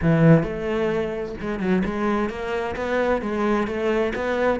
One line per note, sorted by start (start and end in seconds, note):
0.02 0.43 E3
0.43 1.34 A3
1.40 1.59 G#3
1.59 1.82 F#3
1.84 2.29 G#3
2.29 2.75 A#3
2.76 3.21 B3
3.21 3.67 G#3
3.67 4.12 A3
4.15 4.59 B3